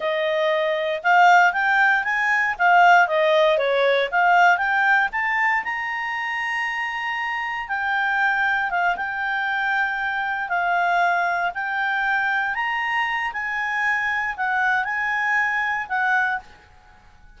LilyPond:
\new Staff \with { instrumentName = "clarinet" } { \time 4/4 \tempo 4 = 117 dis''2 f''4 g''4 | gis''4 f''4 dis''4 cis''4 | f''4 g''4 a''4 ais''4~ | ais''2. g''4~ |
g''4 f''8 g''2~ g''8~ | g''8 f''2 g''4.~ | g''8 ais''4. gis''2 | fis''4 gis''2 fis''4 | }